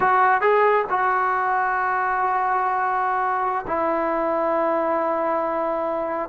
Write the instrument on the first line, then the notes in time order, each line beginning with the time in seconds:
trombone
0.00 F#4
0.41 G#4
0.89 F#4
3.67 E4